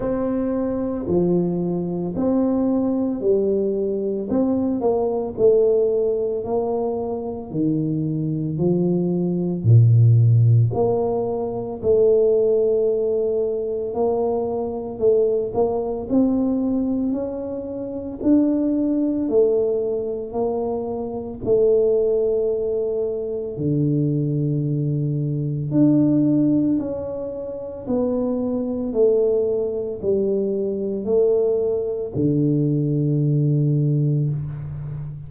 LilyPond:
\new Staff \with { instrumentName = "tuba" } { \time 4/4 \tempo 4 = 56 c'4 f4 c'4 g4 | c'8 ais8 a4 ais4 dis4 | f4 ais,4 ais4 a4~ | a4 ais4 a8 ais8 c'4 |
cis'4 d'4 a4 ais4 | a2 d2 | d'4 cis'4 b4 a4 | g4 a4 d2 | }